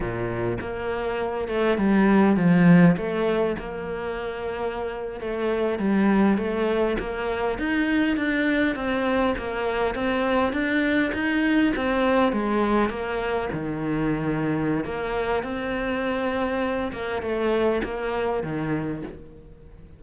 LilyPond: \new Staff \with { instrumentName = "cello" } { \time 4/4 \tempo 4 = 101 ais,4 ais4. a8 g4 | f4 a4 ais2~ | ais8. a4 g4 a4 ais16~ | ais8. dis'4 d'4 c'4 ais16~ |
ais8. c'4 d'4 dis'4 c'16~ | c'8. gis4 ais4 dis4~ dis16~ | dis4 ais4 c'2~ | c'8 ais8 a4 ais4 dis4 | }